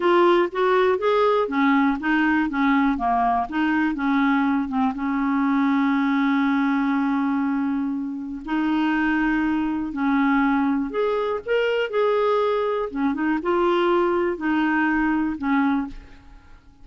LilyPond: \new Staff \with { instrumentName = "clarinet" } { \time 4/4 \tempo 4 = 121 f'4 fis'4 gis'4 cis'4 | dis'4 cis'4 ais4 dis'4 | cis'4. c'8 cis'2~ | cis'1~ |
cis'4 dis'2. | cis'2 gis'4 ais'4 | gis'2 cis'8 dis'8 f'4~ | f'4 dis'2 cis'4 | }